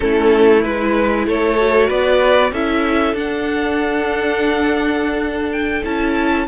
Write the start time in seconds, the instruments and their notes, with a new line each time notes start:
0.00 cello A3, viola C#4, violin E4 A4
0.62 cello G#3, viola E4, violin B4
1.26 cello A3, violin A4 C#5
1.57 viola F#4
1.87 cello B3, violin B4 D5
2.51 cello C#4, viola E4, violin A4 E5
3.13 cello D4, viola D4, violin F#5
5.52 violin G5
5.84 cello C#4, viola E4, violin A5